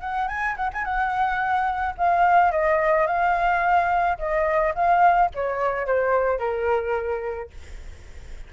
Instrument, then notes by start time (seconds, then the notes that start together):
flute
0.00 F#5
0.28 G#5
0.56 F#5
0.73 G#5
0.84 F#5
1.97 F5
2.51 D#5
3.07 F5
4.18 D#5
4.74 F5
5.34 C#5
5.86 C5
6.38 A#4